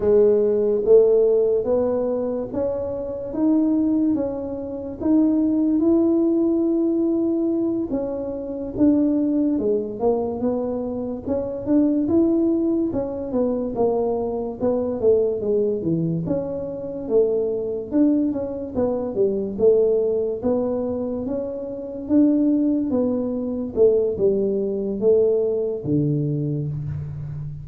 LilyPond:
\new Staff \with { instrumentName = "tuba" } { \time 4/4 \tempo 4 = 72 gis4 a4 b4 cis'4 | dis'4 cis'4 dis'4 e'4~ | e'4. cis'4 d'4 gis8 | ais8 b4 cis'8 d'8 e'4 cis'8 |
b8 ais4 b8 a8 gis8 e8 cis'8~ | cis'8 a4 d'8 cis'8 b8 g8 a8~ | a8 b4 cis'4 d'4 b8~ | b8 a8 g4 a4 d4 | }